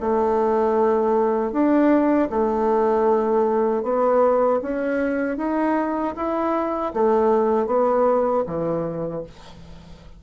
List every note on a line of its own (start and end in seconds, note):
0.00 1.52 A3
1.52 2.29 D4
2.30 3.83 A3
3.83 4.60 B3
4.62 5.37 C#4
5.37 6.14 D#4
6.16 6.93 E4
6.93 7.66 A3
7.66 8.43 B3
8.46 9.23 E3